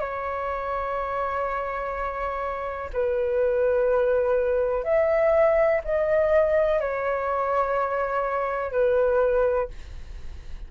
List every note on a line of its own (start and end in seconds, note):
0.00 2.90 C#5
2.94 4.84 B4
4.84 5.81 E5
5.85 6.80 D#5
6.80 8.72 C#5
8.72 9.69 B4